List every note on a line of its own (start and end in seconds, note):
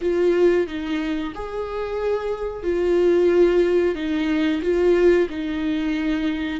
0.01 0.67 F4
0.67 1.33 D#4
1.34 2.63 G#4
2.63 3.95 F4
3.95 4.61 D#4
4.62 5.27 F4
5.29 6.60 D#4